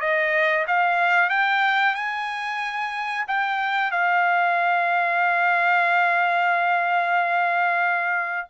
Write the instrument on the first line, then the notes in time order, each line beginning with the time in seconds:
trumpet
0.00 D#5
0.67 F5
1.29 G5
1.94 G#5
3.27 G5
3.91 F5